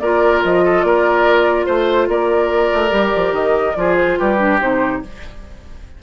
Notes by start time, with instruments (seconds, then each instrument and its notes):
0.00 bassoon A#3, clarinet F4, oboe A#4, flute D5
0.44 bassoon F3, flute D#5
0.65 oboe A4
0.82 bassoon A#3, oboe A#4, flute D5
1.66 bassoon A3, oboe C5, flute C5
2.08 bassoon A#3, oboe A#4, flute D5
2.73 bassoon A3
2.90 bassoon G3, clarinet G4
3.16 bassoon F3
3.32 bassoon D#3, flute D#5
3.76 bassoon F3, clarinet F4, oboe G#4, flute D5
3.97 flute C5
4.17 bassoon G3, oboe G4, flute B4
4.38 clarinet D4
4.61 bassoon C3, clarinet D#4, flute C5